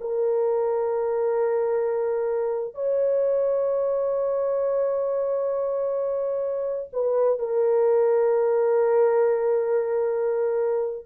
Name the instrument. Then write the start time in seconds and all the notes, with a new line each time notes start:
horn
0.00 A#4
2.74 C#5
6.92 B4
7.38 A#4